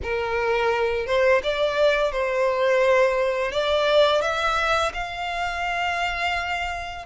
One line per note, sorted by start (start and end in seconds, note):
0.02 1.06 A#4
1.06 1.41 C5
1.43 2.11 D5
2.11 3.51 C5
3.51 4.21 D5
4.21 4.92 E5
4.93 7.05 F5